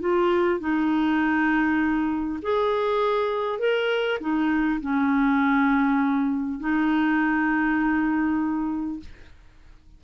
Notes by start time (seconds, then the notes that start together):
0.00 F4
0.59 D#4
2.42 G#4
3.59 A#4
4.20 D#4
4.81 C#4
6.59 D#4